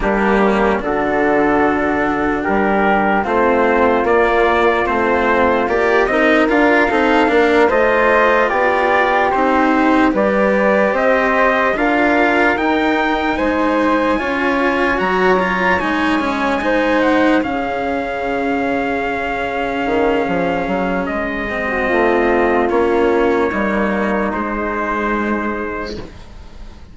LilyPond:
<<
  \new Staff \with { instrumentName = "trumpet" } { \time 4/4 \tempo 4 = 74 g'4 a'2 ais'4 | c''4 d''4 c''4 d''8 dis''8 | f''4. dis''4 d''4 c''8~ | c''8 d''4 dis''4 f''4 g''8~ |
g''8 gis''2 ais''4 gis''8~ | gis''4 fis''8 f''2~ f''8~ | f''2 dis''2 | cis''2 c''2 | }
  \new Staff \with { instrumentName = "flute" } { \time 4/4 d'8 cis'8 fis'2 g'4 | f'2.~ f'8 ais'8~ | ais'8 a'8 ais'8 c''4 g'4.~ | g'8 b'4 c''4 ais'4.~ |
ais'8 c''4 cis''2~ cis''8~ | cis''8 c''4 gis'2~ gis'8~ | gis'2~ gis'8. fis'16 f'4~ | f'4 dis'2. | }
  \new Staff \with { instrumentName = "cello" } { \time 4/4 ais4 d'2. | c'4 ais4 c'4 g'8 dis'8 | f'8 dis'8 d'8 f'2 dis'8~ | dis'8 g'2 f'4 dis'8~ |
dis'4. f'4 fis'8 f'8 dis'8 | cis'8 dis'4 cis'2~ cis'8~ | cis'2~ cis'8 c'4. | cis'4 ais4 gis2 | }
  \new Staff \with { instrumentName = "bassoon" } { \time 4/4 g4 d2 g4 | a4 ais4 a4 ais8 c'8 | d'8 c'8 ais8 a4 b4 c'8~ | c'8 g4 c'4 d'4 dis'8~ |
dis'8 gis4 cis'4 fis4 gis8~ | gis4. cis2~ cis8~ | cis8 dis8 f8 fis8 gis4 a4 | ais4 g4 gis2 | }
>>